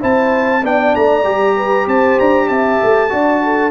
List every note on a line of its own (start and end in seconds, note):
0.00 0.64 C4
0.00 0.62 E4
0.00 0.63 C5
0.00 0.65 A5
0.64 0.94 B3
0.64 1.24 D4
0.64 1.56 D5
0.64 0.95 G5
0.95 1.25 A3
0.95 1.88 A#5
1.24 1.87 G3
1.24 3.09 G4
1.56 1.86 B4
1.86 2.18 C4
1.86 2.48 C5
1.86 2.19 A5
2.19 2.49 D4
2.19 2.49 A#5
2.48 2.80 C4
2.48 3.10 E5
2.48 3.71 A5
2.83 3.13 A3
3.09 3.71 D4
3.09 3.71 F#4
3.09 3.43 D5
3.44 3.71 A4